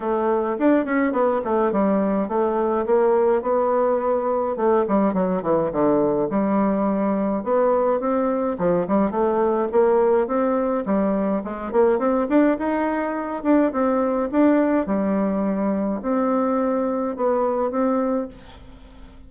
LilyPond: \new Staff \with { instrumentName = "bassoon" } { \time 4/4 \tempo 4 = 105 a4 d'8 cis'8 b8 a8 g4 | a4 ais4 b2 | a8 g8 fis8 e8 d4 g4~ | g4 b4 c'4 f8 g8 |
a4 ais4 c'4 g4 | gis8 ais8 c'8 d'8 dis'4. d'8 | c'4 d'4 g2 | c'2 b4 c'4 | }